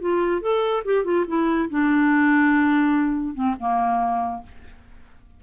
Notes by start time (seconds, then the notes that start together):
0.00 F4
0.41 A4
0.84 G4
1.04 F4
1.27 E4
1.69 D4
3.34 C4
3.59 A#3